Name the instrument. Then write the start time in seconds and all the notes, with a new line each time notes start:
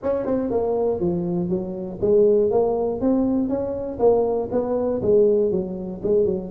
tuba
0.02 C#4
0.25 C4
0.50 A#3
1.00 F3
1.49 F#3
2.01 G#3
2.50 A#3
3.00 C4
3.48 C#4
3.99 A#3
4.51 B3
5.01 G#3
5.51 F#3
6.02 G#3
6.25 F#3